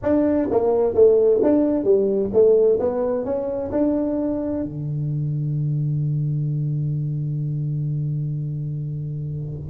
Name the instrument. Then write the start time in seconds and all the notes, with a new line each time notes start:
tuba
0.02 D4
0.50 A#3
0.94 A3
1.42 D4
1.84 G3
2.33 A3
2.79 B3
3.24 C#4
3.71 D4
4.63 D3